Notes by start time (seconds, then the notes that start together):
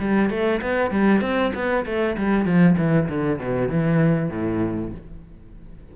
0.00 G3
0.30 A3
0.62 B3
0.91 G3
1.22 C4
1.55 B3
1.86 A3
2.18 G3
2.46 F3
2.78 E3
3.09 D3
3.40 B2
3.69 E3
4.30 A2